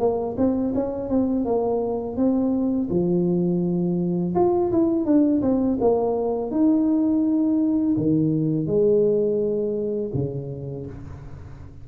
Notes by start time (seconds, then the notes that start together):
0.00 A#3
0.38 C4
0.75 C#4
1.09 C4
1.45 A#3
2.17 C4
2.90 F3
4.35 F4
4.72 E4
5.06 D4
5.42 C4
5.81 A#3
6.51 D#4
7.97 D#3
8.67 G#3
10.14 C#3